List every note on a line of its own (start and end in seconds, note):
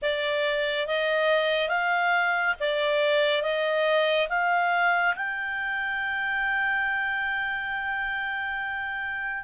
0.02 0.87 D5
0.87 1.69 D#5
1.69 2.54 F5
2.59 3.42 D5
3.42 4.28 D#5
4.29 5.15 F5
5.16 9.43 G5